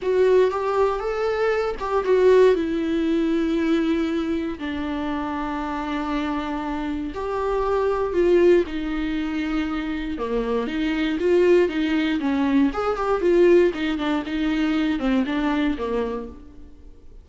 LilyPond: \new Staff \with { instrumentName = "viola" } { \time 4/4 \tempo 4 = 118 fis'4 g'4 a'4. g'8 | fis'4 e'2.~ | e'4 d'2.~ | d'2 g'2 |
f'4 dis'2. | ais4 dis'4 f'4 dis'4 | cis'4 gis'8 g'8 f'4 dis'8 d'8 | dis'4. c'8 d'4 ais4 | }